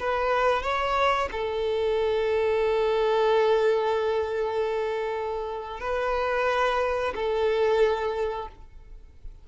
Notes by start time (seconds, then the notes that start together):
0.00 B4
0.62 C#5
1.32 A4
5.80 B4
7.15 A4